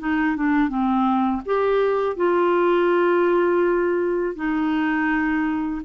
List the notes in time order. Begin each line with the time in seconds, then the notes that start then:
0.00 D#4
0.37 D4
0.69 C4
1.46 G4
2.17 F4
4.36 D#4